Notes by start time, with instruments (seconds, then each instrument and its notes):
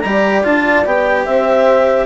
0.00 bassoon G3, cello G4, horn D5, clarinet A#5
0.44 bassoon D4, cello F4, clarinet A5
0.85 bassoon B3, cello G4, clarinet G5
1.25 bassoon C4, horn C5, clarinet E5